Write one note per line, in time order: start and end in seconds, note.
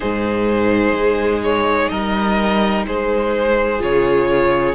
0.00 0.93 G#2
0.00 3.79 D#4
0.00 1.90 G#4
0.00 1.41 C5
0.93 1.88 G#3
1.43 1.88 C#5
1.88 2.85 G3
1.88 2.86 A#4
1.88 2.84 D#5
2.85 3.80 G#3
2.85 4.75 G#4
2.85 3.82 C5
3.79 4.75 C#3
3.79 4.74 F4
3.79 4.75 C#5